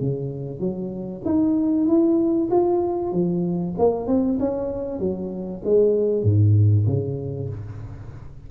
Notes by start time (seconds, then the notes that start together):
0.00 C#3
0.60 F#3
1.25 D#4
1.87 E4
2.51 F4
3.12 F3
3.78 A#3
4.07 C4
4.39 C#4
4.99 F#3
5.64 G#3
6.24 G#2
6.87 C#3